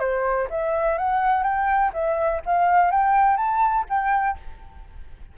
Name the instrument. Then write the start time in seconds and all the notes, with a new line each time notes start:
flute
0.00 C5
0.50 E5
0.98 F#5
1.43 G5
1.94 E5
2.46 F5
2.92 G5
3.37 A5
3.90 G5